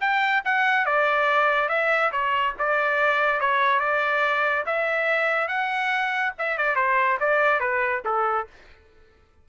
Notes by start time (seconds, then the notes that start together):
0.00 G5
0.45 F#5
0.85 D5
1.68 E5
2.12 C#5
2.59 D5
3.40 C#5
3.80 D5
4.66 E5
5.48 F#5
6.38 E5
6.57 D5
6.75 C5
7.20 D5
7.60 B4
8.05 A4